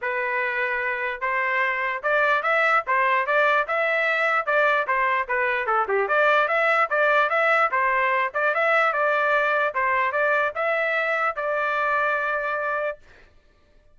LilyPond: \new Staff \with { instrumentName = "trumpet" } { \time 4/4 \tempo 4 = 148 b'2. c''4~ | c''4 d''4 e''4 c''4 | d''4 e''2 d''4 | c''4 b'4 a'8 g'8 d''4 |
e''4 d''4 e''4 c''4~ | c''8 d''8 e''4 d''2 | c''4 d''4 e''2 | d''1 | }